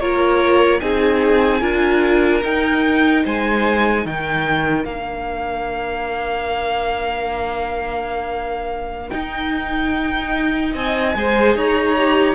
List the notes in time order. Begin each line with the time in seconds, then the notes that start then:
0.00 A#3 F4 A#4 C#5
0.81 C4 D#4 G#4 G#5
1.61 D4 F4 A#4
2.44 D#4 G5
3.24 G#3 C5 G#5
4.05 D#3 A#4 G5
4.85 A#3 D4 F5
9.10 D#4 G5
10.73 C4 D#5 G#5
11.16 G#3 G#4 C5
11.56 D#4 C#5 A#5
11.98 G4